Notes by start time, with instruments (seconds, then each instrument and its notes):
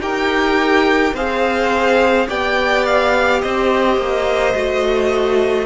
0.00 cello D#4, viola G4, violin A#4 G5
1.14 cello C4, viola G#4, violin C5 F5
2.28 cello B3, viola G4, violin D5 G5
2.86 violin F5
3.42 cello C4, violin C5 D#5
3.98 cello A#3
4.55 cello A3, viola F#4